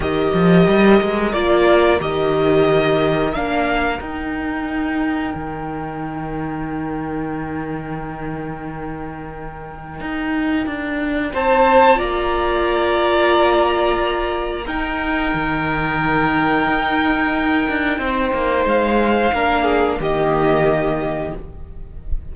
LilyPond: <<
  \new Staff \with { instrumentName = "violin" } { \time 4/4 \tempo 4 = 90 dis''2 d''4 dis''4~ | dis''4 f''4 g''2~ | g''1~ | g''1~ |
g''4 a''4 ais''2~ | ais''2 g''2~ | g''1 | f''2 dis''2 | }
  \new Staff \with { instrumentName = "violin" } { \time 4/4 ais'1~ | ais'1~ | ais'1~ | ais'1~ |
ais'4 c''4 d''2~ | d''2 ais'2~ | ais'2. c''4~ | c''4 ais'8 gis'8 g'2 | }
  \new Staff \with { instrumentName = "viola" } { \time 4/4 g'2 f'4 g'4~ | g'4 d'4 dis'2~ | dis'1~ | dis'1~ |
dis'2 f'2~ | f'2 dis'2~ | dis'1~ | dis'4 d'4 ais2 | }
  \new Staff \with { instrumentName = "cello" } { \time 4/4 dis8 f8 g8 gis8 ais4 dis4~ | dis4 ais4 dis'2 | dis1~ | dis2. dis'4 |
d'4 c'4 ais2~ | ais2 dis'4 dis4~ | dis4 dis'4. d'8 c'8 ais8 | gis4 ais4 dis2 | }
>>